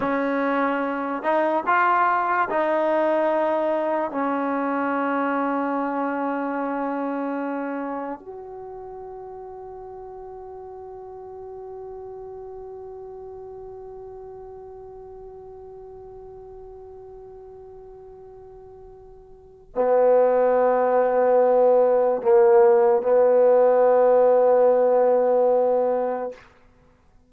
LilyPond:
\new Staff \with { instrumentName = "trombone" } { \time 4/4 \tempo 4 = 73 cis'4. dis'8 f'4 dis'4~ | dis'4 cis'2.~ | cis'2 fis'2~ | fis'1~ |
fis'1~ | fis'1 | b2. ais4 | b1 | }